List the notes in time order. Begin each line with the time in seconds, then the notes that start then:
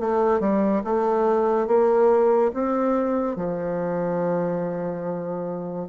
0.00 A3
0.40 G3
0.84 A3
1.67 A#3
2.54 C4
3.36 F3